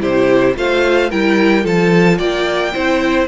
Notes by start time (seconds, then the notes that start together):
0.00 C3 E4 G4 C5
0.55 A3 F4 C5 F5
1.09 G3 E4 A#4 G5
1.62 F3 F4 A4 A5
2.17 A#3 D5 G5
2.73 C4 E4 C5